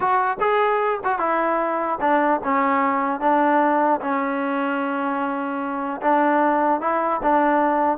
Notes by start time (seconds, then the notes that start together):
0.00 F#4
0.40 G#4
1.04 F#4
1.18 E4
2.00 D4
2.43 C#4
3.20 D4
4.00 C#4
6.01 D4
6.81 E4
7.22 D4